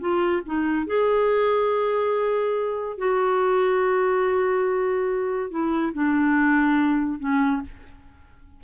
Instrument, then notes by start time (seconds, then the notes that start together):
clarinet
0.00 F4
0.46 D#4
0.87 G#4
2.98 F#4
5.50 E4
5.93 D4
7.19 C#4